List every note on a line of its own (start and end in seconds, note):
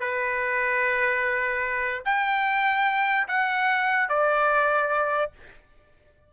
0.00 2.04 B4
2.05 3.28 G5
3.28 4.09 F#5
4.09 5.32 D5